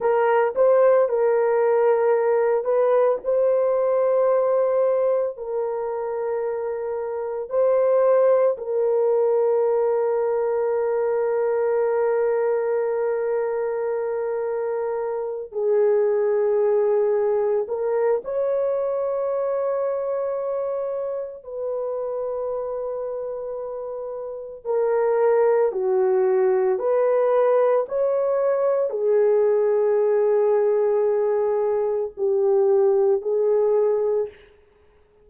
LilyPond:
\new Staff \with { instrumentName = "horn" } { \time 4/4 \tempo 4 = 56 ais'8 c''8 ais'4. b'8 c''4~ | c''4 ais'2 c''4 | ais'1~ | ais'2~ ais'8 gis'4.~ |
gis'8 ais'8 cis''2. | b'2. ais'4 | fis'4 b'4 cis''4 gis'4~ | gis'2 g'4 gis'4 | }